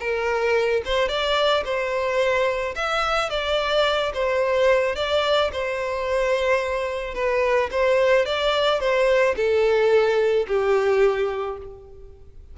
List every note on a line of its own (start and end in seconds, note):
0.00 0.83 A#4
0.85 1.09 C5
1.09 1.64 D5
1.65 2.75 C5
2.76 3.30 E5
3.30 4.13 D5
4.14 4.96 C5
4.96 5.51 D5
5.52 7.15 C5
7.15 7.70 B4
7.71 8.26 C5
8.26 8.80 D5
8.80 9.35 C5
9.37 10.47 A4
10.48 11.58 G4